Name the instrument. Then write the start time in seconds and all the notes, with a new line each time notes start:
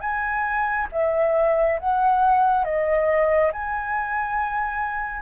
flute
0.00 G#5
0.92 E5
1.79 F#5
2.64 D#5
3.52 G#5